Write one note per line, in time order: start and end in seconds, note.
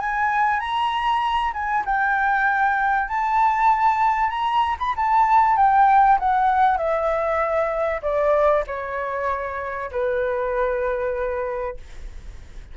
0.00 0.60 G#5
0.60 1.53 A#5
1.54 1.85 G#5
1.86 3.09 G5
3.09 4.30 A5
4.30 4.77 A#5
4.79 4.95 B5
4.97 5.57 A5
5.57 6.19 G5
6.20 6.78 F#5
6.78 8.02 E5
8.02 8.65 D5
8.68 9.91 C#5
9.92 11.78 B4